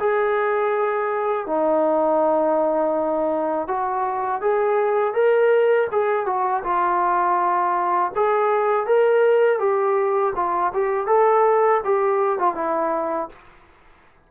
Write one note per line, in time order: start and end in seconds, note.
0.00 1.47 G#4
1.47 3.68 D#4
3.68 4.42 F#4
4.42 5.14 G#4
5.14 5.88 A#4
5.92 6.26 G#4
6.26 6.63 F#4
6.64 8.12 F4
8.16 8.87 G#4
8.87 9.60 A#4
9.60 10.34 G4
10.36 10.73 F4
10.74 11.07 G4
11.07 11.81 A4
11.85 12.39 G4
12.39 12.55 F4
12.55 13.29 E4